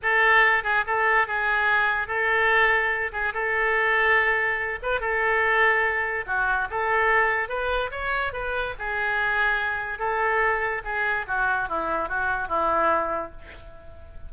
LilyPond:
\new Staff \with { instrumentName = "oboe" } { \time 4/4 \tempo 4 = 144 a'4. gis'8 a'4 gis'4~ | gis'4 a'2~ a'8 gis'8 | a'2.~ a'8 b'8 | a'2. fis'4 |
a'2 b'4 cis''4 | b'4 gis'2. | a'2 gis'4 fis'4 | e'4 fis'4 e'2 | }